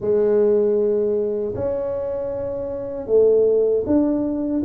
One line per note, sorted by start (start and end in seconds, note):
0.00 1.54 G#3
1.55 3.07 C#4
3.07 3.84 A3
3.86 4.63 D4